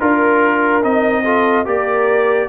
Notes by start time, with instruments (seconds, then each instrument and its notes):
0.00 tuba D4, trombone F4, trumpet A#4, horn A#4
0.82 tuba C4, trombone D#4, trumpet D#5
1.24 trombone F4, horn A4
1.65 tuba A#3, trombone G4, horn A#4, trumpet D5